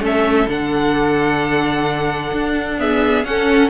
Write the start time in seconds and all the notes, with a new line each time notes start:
0.00 A3 C#4 A4 E5
0.47 D3 D4 F#5
2.32 D4
2.78 B3 G#4 E5
3.24 C#4 A4 F#5